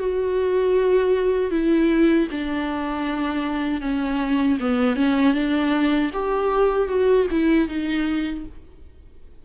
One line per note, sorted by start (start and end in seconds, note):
0.00 1.51 F#4
1.51 2.28 E4
2.32 3.81 D4
3.81 4.58 C#4
4.60 4.96 B3
4.96 5.34 C#4
5.34 6.11 D4
6.14 6.89 G4
6.89 7.27 F#4
7.31 7.68 E4
7.68 8.45 D#4